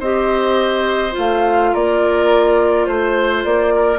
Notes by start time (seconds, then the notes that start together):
0.00 C4 G4 C5 D#5
1.12 F4
1.18 A3 F5
1.73 A#3 A#4 D5
2.86 A3 C5
3.44 A#3 D5
3.75 A#4